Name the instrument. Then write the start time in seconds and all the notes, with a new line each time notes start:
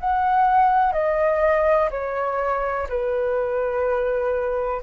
flute
0.00 F#5
0.93 D#5
1.91 C#5
2.89 B4